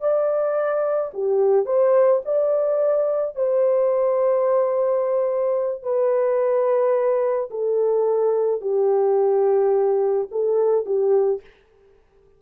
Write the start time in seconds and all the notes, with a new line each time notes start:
0.00 D5
1.14 G4
1.65 C5
2.25 D5
3.35 C5
5.83 B4
7.50 A4
8.61 G4
10.31 A4
10.85 G4